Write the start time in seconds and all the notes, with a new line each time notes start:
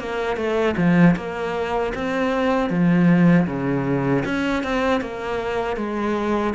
0.00 A#3
0.37 A3
0.78 F3
1.16 A#3
1.95 C4
2.70 F3
3.47 C#3
4.26 C#4
4.64 C4
5.01 A#3
5.77 G#3